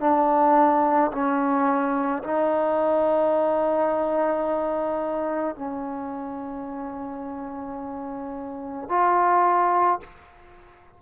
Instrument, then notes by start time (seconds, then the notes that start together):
trombone
0.00 D4
1.12 C#4
2.23 D#4
5.56 C#4
8.89 F4